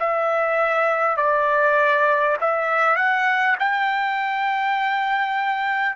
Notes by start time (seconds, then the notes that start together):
0.00 E5
1.17 D5
2.41 E5
2.96 F#5
3.59 G5